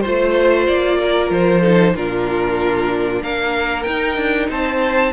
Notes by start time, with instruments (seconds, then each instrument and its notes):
0.00 cello A3, viola F4, violin C5
0.66 cello A#3, violin D5
0.99 violin A#4
1.30 cello F3, violin C5
1.61 viola D#4, violin A4
1.94 cello A#2, viola D4, violin F4 A#4
3.22 cello A#3, violin A#4 F5
3.82 viola D#4, cello D#4, violin G5
4.17 cello D4
4.49 cello C4, violin C5 A5